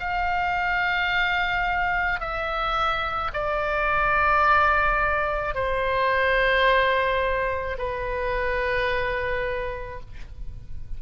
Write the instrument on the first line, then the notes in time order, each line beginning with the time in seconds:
oboe
0.00 F5
2.21 E5
3.34 D5
5.55 C5
7.79 B4